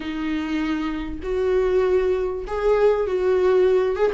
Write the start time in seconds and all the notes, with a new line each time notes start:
0.00 D#4
1.22 F#4
2.47 G#4
3.06 F#4
3.95 G#4